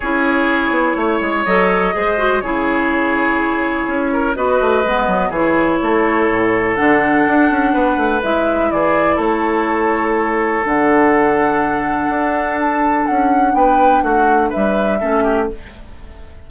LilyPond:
<<
  \new Staff \with { instrumentName = "flute" } { \time 4/4 \tempo 4 = 124 cis''2. dis''4~ | dis''4 cis''2.~ | cis''4 dis''2 cis''4~ | cis''2 fis''2~ |
fis''4 e''4 d''4 cis''4~ | cis''2 fis''2~ | fis''2 a''4 fis''4 | g''4 fis''4 e''2 | }
  \new Staff \with { instrumentName = "oboe" } { \time 4/4 gis'2 cis''2 | c''4 gis'2.~ | gis'8 ais'8 b'2 gis'4 | a'1 |
b'2 gis'4 a'4~ | a'1~ | a'1 | b'4 fis'4 b'4 a'8 g'8 | }
  \new Staff \with { instrumentName = "clarinet" } { \time 4/4 e'2. a'4 | gis'8 fis'8 e'2.~ | e'4 fis'4 b4 e'4~ | e'2 d'2~ |
d'4 e'2.~ | e'2 d'2~ | d'1~ | d'2. cis'4 | }
  \new Staff \with { instrumentName = "bassoon" } { \time 4/4 cis'4. b8 a8 gis8 fis4 | gis4 cis2. | cis'4 b8 a8 gis8 fis8 e4 | a4 a,4 d4 d'8 cis'8 |
b8 a8 gis4 e4 a4~ | a2 d2~ | d4 d'2 cis'4 | b4 a4 g4 a4 | }
>>